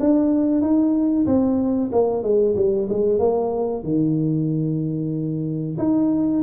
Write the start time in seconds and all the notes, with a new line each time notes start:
0.00 D4
0.62 D#4
1.26 C4
1.92 A#3
2.23 G#3
2.56 G3
2.89 G#3
3.19 A#3
3.84 D#3
5.78 D#4